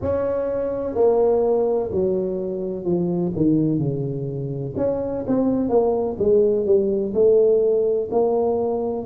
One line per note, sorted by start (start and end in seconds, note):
0.01 0.94 C#4
0.94 1.90 A#3
1.91 2.84 F#3
2.84 3.32 F3
3.36 3.78 D#3
3.78 4.74 C#3
4.77 5.24 C#4
5.27 5.69 C4
5.69 6.16 A#3
6.18 6.65 G#3
6.65 7.13 G3
7.14 8.09 A3
8.11 9.06 A#3